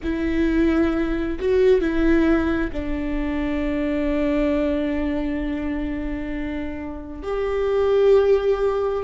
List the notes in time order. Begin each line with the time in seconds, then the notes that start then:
0.03 E4
1.39 F#4
1.80 E4
2.72 D4
7.23 G4